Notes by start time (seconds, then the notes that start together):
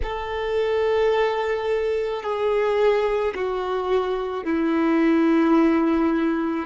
0.03 A4
2.22 G#4
3.34 F#4
4.44 E4